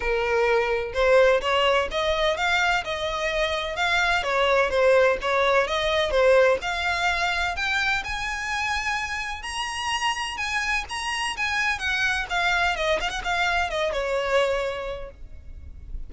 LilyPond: \new Staff \with { instrumentName = "violin" } { \time 4/4 \tempo 4 = 127 ais'2 c''4 cis''4 | dis''4 f''4 dis''2 | f''4 cis''4 c''4 cis''4 | dis''4 c''4 f''2 |
g''4 gis''2. | ais''2 gis''4 ais''4 | gis''4 fis''4 f''4 dis''8 f''16 fis''16 | f''4 dis''8 cis''2~ cis''8 | }